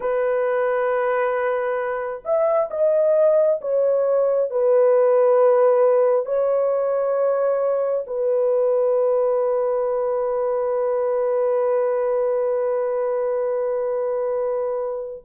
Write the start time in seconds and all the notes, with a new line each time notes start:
0.00 B4
2.24 E5
2.70 D#5
3.61 C#5
4.50 B4
6.25 C#5
8.06 B4